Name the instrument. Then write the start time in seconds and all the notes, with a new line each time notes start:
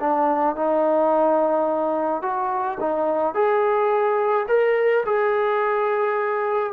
trombone
0.00 D4
0.55 D#4
2.22 F#4
2.80 D#4
3.34 G#4
4.48 A#4
5.05 G#4